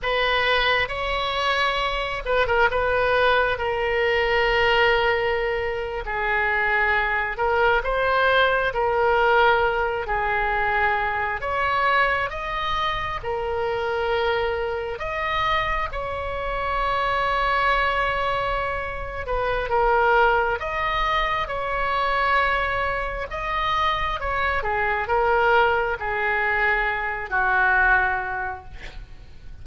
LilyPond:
\new Staff \with { instrumentName = "oboe" } { \time 4/4 \tempo 4 = 67 b'4 cis''4. b'16 ais'16 b'4 | ais'2~ ais'8. gis'4~ gis'16~ | gis'16 ais'8 c''4 ais'4. gis'8.~ | gis'8. cis''4 dis''4 ais'4~ ais'16~ |
ais'8. dis''4 cis''2~ cis''16~ | cis''4. b'8 ais'4 dis''4 | cis''2 dis''4 cis''8 gis'8 | ais'4 gis'4. fis'4. | }